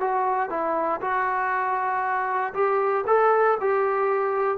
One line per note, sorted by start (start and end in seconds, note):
0.00 0.50 F#4
0.50 1.01 E4
1.01 2.54 F#4
2.54 3.04 G4
3.07 3.58 A4
3.61 4.58 G4